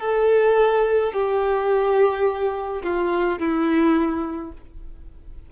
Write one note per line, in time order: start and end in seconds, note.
0.00 1.13 A4
1.13 2.83 G4
2.84 3.39 F4
3.39 4.52 E4